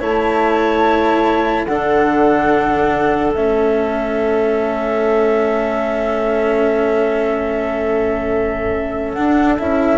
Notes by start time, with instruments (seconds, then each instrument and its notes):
0.00 bassoon A3, cello E4, clarinet C#5, flute A5
1.65 bassoon D3, cello D4, clarinet A4, flute F#5
3.34 bassoon A3, cello C#4, flute E5
9.13 cello D4, bassoon D4, flute F#5
9.59 bassoon C#4, cello E4, flute E5